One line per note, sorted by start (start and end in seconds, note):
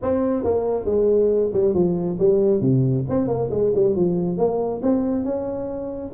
0.02 0.44 C4
0.44 0.85 A#3
0.85 1.50 G#3
1.53 1.74 G3
1.74 2.17 F3
2.19 2.61 G3
2.61 3.04 C3
3.09 3.27 C4
3.27 3.49 A#3
3.50 3.72 G#3
3.75 3.95 G3
3.95 4.37 F3
4.37 4.81 A#3
4.82 5.24 C4
5.24 6.11 C#4